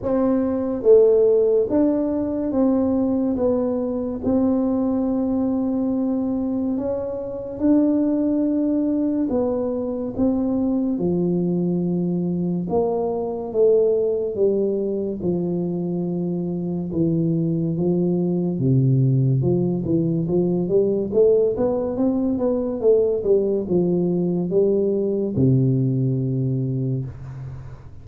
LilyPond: \new Staff \with { instrumentName = "tuba" } { \time 4/4 \tempo 4 = 71 c'4 a4 d'4 c'4 | b4 c'2. | cis'4 d'2 b4 | c'4 f2 ais4 |
a4 g4 f2 | e4 f4 c4 f8 e8 | f8 g8 a8 b8 c'8 b8 a8 g8 | f4 g4 c2 | }